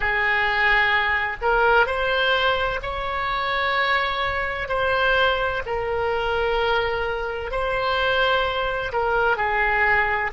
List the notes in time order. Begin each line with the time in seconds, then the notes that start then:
0.00 G#4
1.41 A#4
1.86 C5
2.82 C#5
4.68 C5
5.65 A#4
7.51 C5
8.92 A#4
9.37 G#4